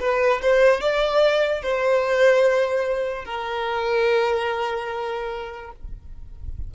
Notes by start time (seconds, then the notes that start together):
0.00 B4
0.41 C5
0.81 D5
1.63 C5
3.25 A#4